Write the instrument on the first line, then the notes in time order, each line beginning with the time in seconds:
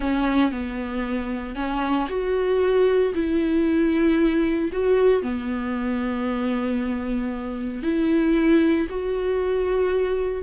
viola
0.00 C#4
0.51 B3
1.55 C#4
2.09 F#4
3.14 E4
4.72 F#4
5.22 B3
7.82 E4
8.89 F#4